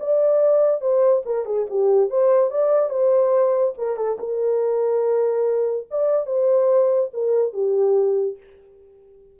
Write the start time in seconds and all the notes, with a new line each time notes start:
0.00 D5
0.81 C5
1.26 A#4
1.46 G#4
1.70 G4
2.10 C5
2.51 D5
2.90 C5
3.78 A#4
3.97 A4
4.20 A#4
5.91 D5
6.27 C5
7.14 A#4
7.54 G4